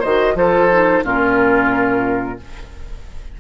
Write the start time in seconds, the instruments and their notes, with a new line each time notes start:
0.00 bassoon D#3, clarinet F#4, oboe C5, flute D#5
0.35 bassoon F3, clarinet F4, oboe A4, flute C5
0.71 clarinet D#4
1.03 bassoon A#2, clarinet C#4, oboe F4, flute A#4